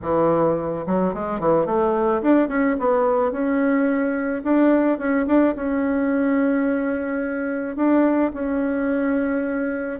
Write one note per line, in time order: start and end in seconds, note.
0.02 0.85 E3
0.86 1.14 F#3
1.14 1.39 G#3
1.39 1.66 E3
1.66 2.21 A3
2.21 2.48 D4
2.48 2.76 C#4
2.79 3.31 B3
3.31 4.42 C#4
4.43 4.98 D4
4.98 5.26 C#4
5.27 5.54 D4
5.55 7.76 C#4
7.76 8.31 D4
8.33 10.00 C#4